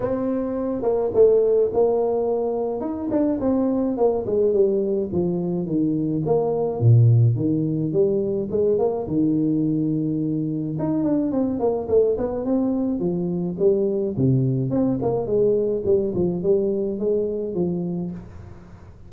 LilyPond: \new Staff \with { instrumentName = "tuba" } { \time 4/4 \tempo 4 = 106 c'4. ais8 a4 ais4~ | ais4 dis'8 d'8 c'4 ais8 gis8 | g4 f4 dis4 ais4 | ais,4 dis4 g4 gis8 ais8 |
dis2. dis'8 d'8 | c'8 ais8 a8 b8 c'4 f4 | g4 c4 c'8 ais8 gis4 | g8 f8 g4 gis4 f4 | }